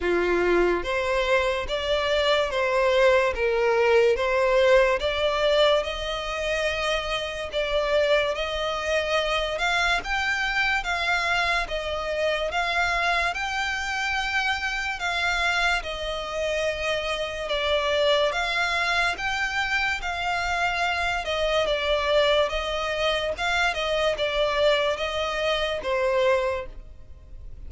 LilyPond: \new Staff \with { instrumentName = "violin" } { \time 4/4 \tempo 4 = 72 f'4 c''4 d''4 c''4 | ais'4 c''4 d''4 dis''4~ | dis''4 d''4 dis''4. f''8 | g''4 f''4 dis''4 f''4 |
g''2 f''4 dis''4~ | dis''4 d''4 f''4 g''4 | f''4. dis''8 d''4 dis''4 | f''8 dis''8 d''4 dis''4 c''4 | }